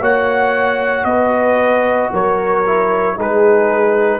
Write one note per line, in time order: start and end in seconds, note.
0.00 1.04 A#3
0.00 2.64 F#4
0.00 1.05 C#5
0.00 1.04 F#5
1.04 2.09 B3
1.04 2.12 B4
1.04 2.09 D#5
2.13 3.17 F#3
2.13 3.17 A#4
2.13 3.19 C#5
2.66 3.16 E4
3.16 4.20 G#3
3.16 4.20 D#4
3.16 4.20 G#4
3.16 4.20 B4